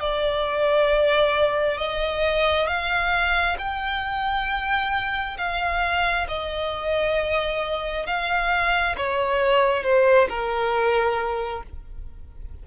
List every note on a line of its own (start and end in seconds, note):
0.00 1.78 D5
1.78 2.67 D#5
2.67 3.57 F5
3.58 5.37 G5
5.38 6.27 F5
6.28 8.06 D#5
8.06 8.96 F5
8.97 9.83 C#5
9.83 10.28 C5
10.29 11.63 A#4